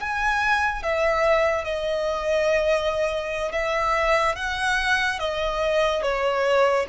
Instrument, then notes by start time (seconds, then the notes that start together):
violin
0.00 G#5
0.83 E5
1.64 D#5
3.52 E5
4.36 F#5
5.19 D#5
6.03 C#5